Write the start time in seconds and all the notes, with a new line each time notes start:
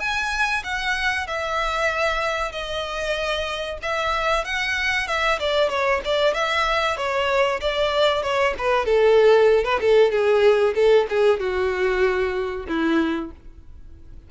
0.00 G#5
0.64 F#5
1.27 E5
2.52 D#5
3.82 E5
4.45 F#5
5.08 E5
5.40 D5
5.69 C#5
6.05 D5
6.34 E5
6.97 C#5
7.61 D5
8.23 C#5
8.58 B4
8.86 A4
9.64 B4
9.81 A4
10.11 G#4
10.75 A4
11.09 G#4
11.40 F#4
12.68 E4